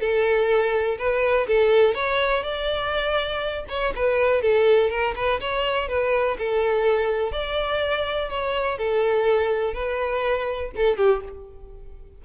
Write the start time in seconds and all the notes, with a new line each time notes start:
0.00 A4
0.98 B4
1.47 A4
1.95 C#5
2.43 D5
3.69 C#5
3.96 B4
4.42 A4
4.90 A#4
5.16 B4
5.41 C#5
5.88 B4
6.38 A4
7.32 D5
8.29 C#5
8.78 A4
9.74 B4
10.76 A4
10.97 G4